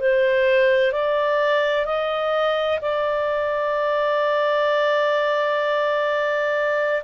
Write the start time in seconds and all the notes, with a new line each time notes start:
0.00 C5
0.92 D5
1.86 D#5
2.82 D5